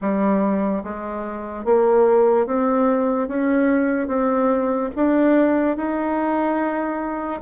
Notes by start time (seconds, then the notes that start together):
0.01 G3
0.83 G#3
1.64 A#3
2.46 C4
3.28 C#4
4.07 C4
4.95 D4
5.76 D#4